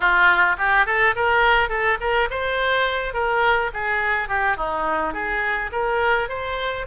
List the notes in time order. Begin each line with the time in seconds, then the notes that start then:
0.00 F4
0.58 G4
0.86 A4
1.15 A#4
1.69 A4
2.00 A#4
2.30 C5
3.13 A#4
3.73 G#4
4.28 G4
4.56 D#4
5.13 G#4
5.71 A#4
6.29 C5